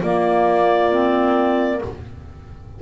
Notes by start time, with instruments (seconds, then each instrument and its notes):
0.00 double bass A#3, clarinet A#3 D5, horn F4
0.91 clarinet C4